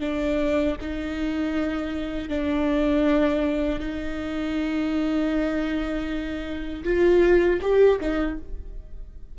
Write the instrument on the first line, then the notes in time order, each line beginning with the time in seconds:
viola
0.00 D4
0.81 D#4
2.29 D4
3.80 D#4
6.84 F4
7.62 G4
8.01 D#4